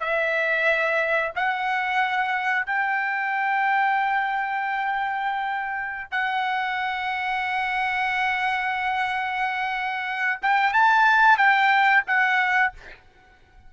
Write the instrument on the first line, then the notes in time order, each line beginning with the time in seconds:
trumpet
0.00 E5
1.35 F#5
2.66 G5
6.11 F#5
10.42 G5
10.73 A5
11.37 G5
12.07 F#5